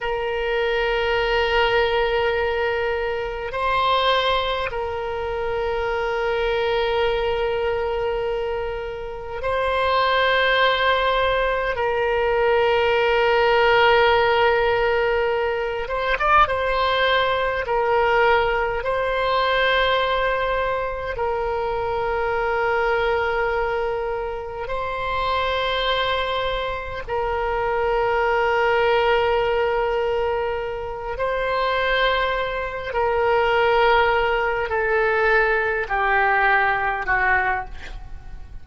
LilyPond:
\new Staff \with { instrumentName = "oboe" } { \time 4/4 \tempo 4 = 51 ais'2. c''4 | ais'1 | c''2 ais'2~ | ais'4. c''16 d''16 c''4 ais'4 |
c''2 ais'2~ | ais'4 c''2 ais'4~ | ais'2~ ais'8 c''4. | ais'4. a'4 g'4 fis'8 | }